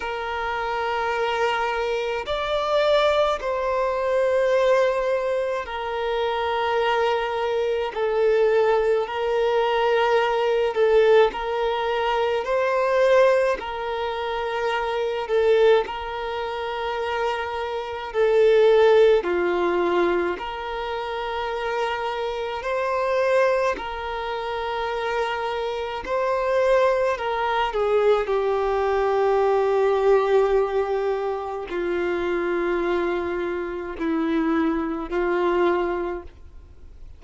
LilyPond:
\new Staff \with { instrumentName = "violin" } { \time 4/4 \tempo 4 = 53 ais'2 d''4 c''4~ | c''4 ais'2 a'4 | ais'4. a'8 ais'4 c''4 | ais'4. a'8 ais'2 |
a'4 f'4 ais'2 | c''4 ais'2 c''4 | ais'8 gis'8 g'2. | f'2 e'4 f'4 | }